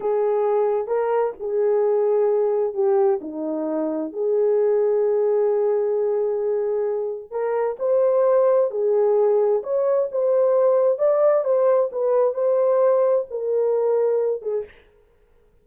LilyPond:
\new Staff \with { instrumentName = "horn" } { \time 4/4 \tempo 4 = 131 gis'2 ais'4 gis'4~ | gis'2 g'4 dis'4~ | dis'4 gis'2.~ | gis'1 |
ais'4 c''2 gis'4~ | gis'4 cis''4 c''2 | d''4 c''4 b'4 c''4~ | c''4 ais'2~ ais'8 gis'8 | }